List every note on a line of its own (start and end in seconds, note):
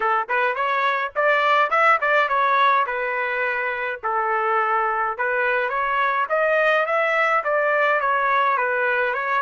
0.00 0.27 A4
0.29 0.55 B4
0.55 1.12 C#5
1.15 1.70 D5
1.70 1.98 E5
2.01 2.28 D5
2.28 2.85 C#5
2.86 4.00 B4
4.03 5.17 A4
5.17 5.69 B4
5.69 6.26 C#5
6.29 6.86 D#5
6.86 7.43 E5
7.44 8.00 D5
8.00 8.57 C#5
8.57 9.14 B4
9.14 9.42 C#5